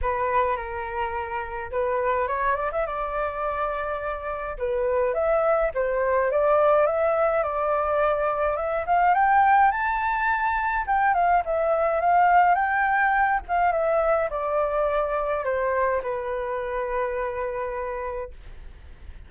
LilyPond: \new Staff \with { instrumentName = "flute" } { \time 4/4 \tempo 4 = 105 b'4 ais'2 b'4 | cis''8 d''16 e''16 d''2. | b'4 e''4 c''4 d''4 | e''4 d''2 e''8 f''8 |
g''4 a''2 g''8 f''8 | e''4 f''4 g''4. f''8 | e''4 d''2 c''4 | b'1 | }